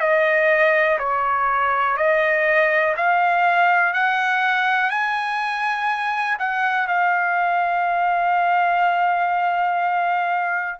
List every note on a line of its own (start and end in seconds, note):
0.00 0.98 D#5
0.98 1.97 C#5
1.97 2.95 D#5
2.96 3.93 F5
3.93 4.90 F#5
4.90 6.38 G#5
6.39 6.88 F#5
6.88 10.79 F5